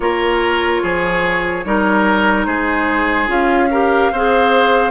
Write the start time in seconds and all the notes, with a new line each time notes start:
0.00 A#3 F4 A#4 C#5
0.82 F3 G#4
1.65 G3 D#4 A#4
2.45 G#3 G#4 C5
3.27 C#4 F4 F5
3.71 G4 A#4
4.12 C4 G#4 C5